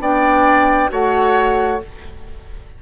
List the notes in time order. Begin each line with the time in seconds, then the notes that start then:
0.00 B3 D4 D5 G5
0.89 A3 F#4 C#5 F#5